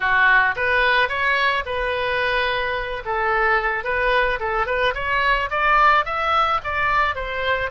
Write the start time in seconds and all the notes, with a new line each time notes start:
0.00 F#4
0.56 B4
1.08 C#5
1.65 B4
3.05 A4
3.84 B4
4.39 A4
4.66 B4
4.94 C#5
5.50 D5
6.05 E5
6.64 D5
7.15 C5